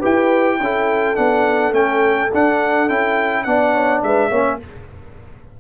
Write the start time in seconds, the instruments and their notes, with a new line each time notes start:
0.00 tuba E4, trombone G4, horn B4, trumpet G5
0.60 tuba C#4, trombone E4, horn A4
1.15 tuba B3, trombone D4, trumpet F#5
1.72 tuba A3, trombone C#4, trumpet G5
2.34 tuba D4, trombone D4, trumpet F#5
2.89 tuba C#4, trombone E4, trumpet G5
3.43 tuba B3, trombone D4, horn D5, trumpet F#5
3.74 horn C#5
4.03 tuba G#3, horn B4, trumpet E5
4.29 tuba A#3, trombone C#4, horn C#5